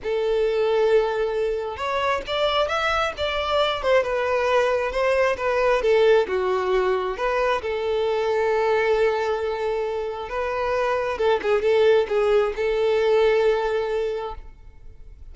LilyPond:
\new Staff \with { instrumentName = "violin" } { \time 4/4 \tempo 4 = 134 a'1 | cis''4 d''4 e''4 d''4~ | d''8 c''8 b'2 c''4 | b'4 a'4 fis'2 |
b'4 a'2.~ | a'2. b'4~ | b'4 a'8 gis'8 a'4 gis'4 | a'1 | }